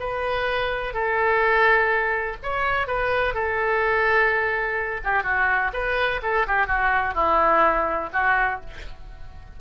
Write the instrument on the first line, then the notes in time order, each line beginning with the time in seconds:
oboe
0.00 B4
0.94 A4
2.43 C#5
2.87 B4
3.34 A4
5.04 G4
5.24 F#4
5.73 B4
6.23 A4
6.48 G4
6.67 F#4
7.15 E4
8.13 F#4